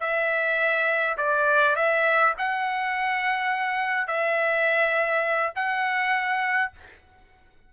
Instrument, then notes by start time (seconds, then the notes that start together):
trumpet
0.00 E5
1.17 D5
1.75 E5
2.38 F#5
4.07 E5
5.55 F#5